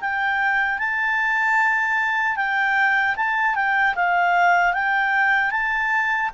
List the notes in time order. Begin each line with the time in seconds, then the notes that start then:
0.00 G5
0.79 A5
2.36 G5
3.16 A5
3.55 G5
3.95 F5
4.73 G5
5.51 A5